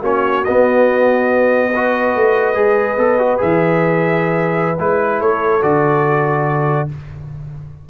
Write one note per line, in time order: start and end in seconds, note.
0.00 0.45 A#3
0.00 0.46 C#4
0.00 1.69 F#4
0.00 0.44 C#5
0.44 1.74 B3
0.44 2.16 B3
0.44 3.40 D#5
1.71 2.55 F#4
1.71 5.20 B4
2.16 2.56 A3
2.55 2.98 G#3
2.55 2.97 G#4
2.98 3.40 B3
2.98 3.19 A4
3.19 3.38 F#4
3.38 4.79 E3
3.38 4.75 G#4
3.38 4.79 E5
4.79 5.21 G#3
4.79 5.62 E4
4.79 5.21 B4
5.20 5.63 A3
5.20 6.89 A4
5.20 5.63 C#5
5.62 6.90 D3
5.62 6.89 F#4
5.62 6.90 D5